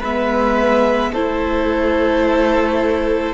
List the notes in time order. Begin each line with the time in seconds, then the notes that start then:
0.00 G#3 B3 B4 E5
1.12 A3 E4 A4 C5